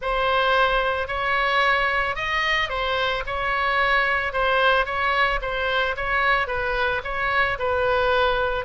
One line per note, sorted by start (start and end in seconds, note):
0.01 1.07 C5
1.07 2.15 C#5
2.15 2.69 D#5
2.69 3.23 C5
3.26 4.32 C#5
4.32 4.85 C5
4.85 5.39 C#5
5.41 5.95 C5
5.96 6.47 C#5
6.47 7.01 B4
7.03 7.57 C#5
7.58 8.65 B4